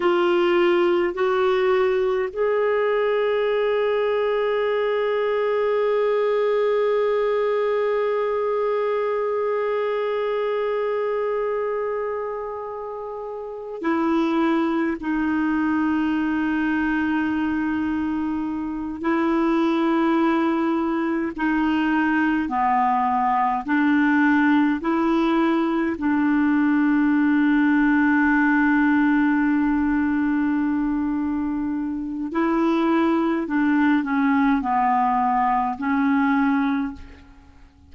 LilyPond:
\new Staff \with { instrumentName = "clarinet" } { \time 4/4 \tempo 4 = 52 f'4 fis'4 gis'2~ | gis'1~ | gis'1 | e'4 dis'2.~ |
dis'8 e'2 dis'4 b8~ | b8 d'4 e'4 d'4.~ | d'1 | e'4 d'8 cis'8 b4 cis'4 | }